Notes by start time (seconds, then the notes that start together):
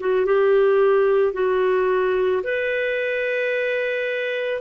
0.00 F#4
0.26 G4
1.33 F#4
2.43 B4